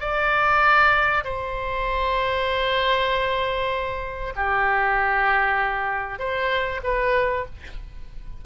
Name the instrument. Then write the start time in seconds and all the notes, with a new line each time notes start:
oboe
0.00 D5
1.24 C5
4.36 G4
6.19 C5
6.84 B4